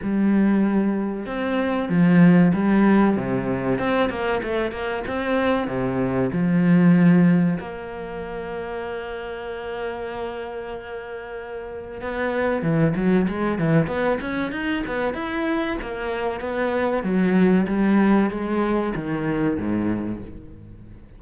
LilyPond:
\new Staff \with { instrumentName = "cello" } { \time 4/4 \tempo 4 = 95 g2 c'4 f4 | g4 c4 c'8 ais8 a8 ais8 | c'4 c4 f2 | ais1~ |
ais2. b4 | e8 fis8 gis8 e8 b8 cis'8 dis'8 b8 | e'4 ais4 b4 fis4 | g4 gis4 dis4 gis,4 | }